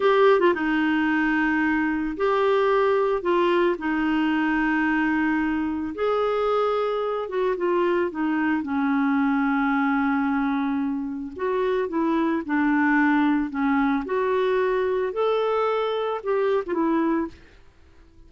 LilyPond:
\new Staff \with { instrumentName = "clarinet" } { \time 4/4 \tempo 4 = 111 g'8. f'16 dis'2. | g'2 f'4 dis'4~ | dis'2. gis'4~ | gis'4. fis'8 f'4 dis'4 |
cis'1~ | cis'4 fis'4 e'4 d'4~ | d'4 cis'4 fis'2 | a'2 g'8. f'16 e'4 | }